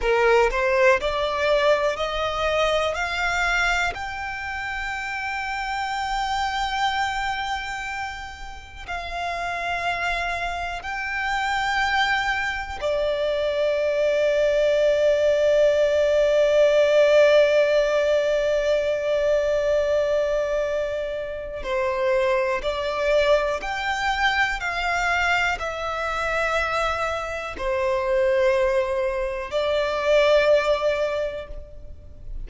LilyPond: \new Staff \with { instrumentName = "violin" } { \time 4/4 \tempo 4 = 61 ais'8 c''8 d''4 dis''4 f''4 | g''1~ | g''4 f''2 g''4~ | g''4 d''2.~ |
d''1~ | d''2 c''4 d''4 | g''4 f''4 e''2 | c''2 d''2 | }